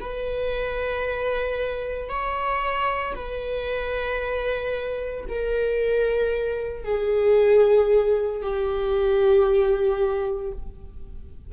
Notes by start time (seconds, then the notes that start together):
0.00 B4
2.09 C#5
3.15 B4
5.29 A#4
6.84 G#4
8.42 G4